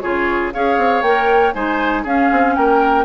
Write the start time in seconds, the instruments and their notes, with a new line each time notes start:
0.00 bassoon C#3, clarinet F4, oboe G#4, flute C#5
0.53 bassoon C#4, clarinet G#4, oboe C#5, flute F5
0.77 bassoon C4
1.02 bassoon A#3, clarinet A#4, flute G5
1.53 bassoon G#3, clarinet D#4, oboe C5, flute G#5
2.03 bassoon C#4, clarinet C#4, oboe G#4, flute F5
2.31 bassoon C4
2.55 bassoon A#3, oboe A#4, flute G5